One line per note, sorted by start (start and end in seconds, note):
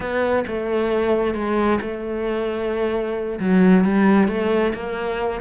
0.00 0.44 B3
0.47 1.34 A3
1.34 1.79 G#3
1.81 3.39 A3
3.39 3.84 F#3
3.84 4.28 G3
4.28 4.73 A3
4.73 5.41 A#3